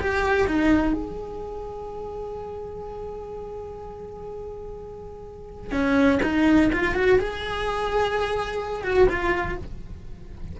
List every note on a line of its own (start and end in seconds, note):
0.00 0.47 G4
0.47 0.93 D#4
0.93 5.72 G#4
5.72 6.20 C#4
6.22 6.70 D#4
6.72 6.94 F4
6.94 7.18 F#4
7.19 8.84 G#4
8.84 9.08 F#4
9.09 9.57 F4